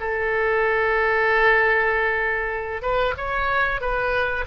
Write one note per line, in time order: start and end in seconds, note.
0.00 2.82 A4
2.82 3.14 B4
3.17 3.81 C#5
3.81 4.45 B4